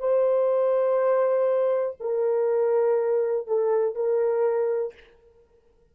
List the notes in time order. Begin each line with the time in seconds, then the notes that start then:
0.00 C5
2.00 A#4
3.48 A4
3.96 A#4